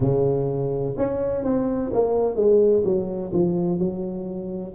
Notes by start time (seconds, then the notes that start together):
0.00 C#3
0.97 C#4
1.44 C4
1.93 A#3
2.35 G#3
2.84 F#3
3.33 F3
3.78 F#3